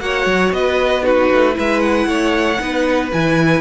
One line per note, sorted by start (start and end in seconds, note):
0.00 0.26 A#3
0.00 1.02 F#4
0.00 0.55 C#5
0.00 0.52 F#5
0.26 0.52 F#3
0.52 1.29 B3
0.52 1.03 B4
0.52 1.04 D#5
1.02 1.53 D#4
1.02 1.55 F#4
1.02 1.56 B4
1.32 1.58 A3
1.53 2.56 E4
1.53 2.07 B4
1.59 2.06 G#3
1.59 1.80 E5
1.80 3.09 F#5
2.06 2.58 A3
2.06 2.61 C#5
2.59 3.12 B3
2.59 3.11 D#4
2.59 3.61 B4
3.12 3.61 E3
3.12 3.61 E4
3.12 3.61 G#5